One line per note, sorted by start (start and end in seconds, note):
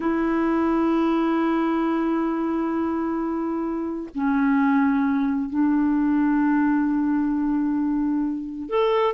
0.00 4.09 E4
4.15 5.49 C#4
5.49 8.69 D4
8.69 9.14 A4